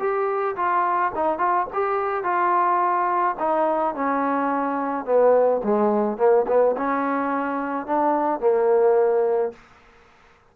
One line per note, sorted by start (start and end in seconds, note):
0.00 0.56 G4
0.57 1.13 F4
1.16 1.39 D#4
1.39 1.67 F4
1.74 2.24 G4
2.24 3.36 F4
3.40 3.95 D#4
3.95 5.06 C#4
5.06 5.62 B3
5.64 6.18 G#3
6.18 6.46 A#3
6.48 6.76 B3
6.77 7.87 C#4
7.87 8.41 D4
8.41 9.53 A#3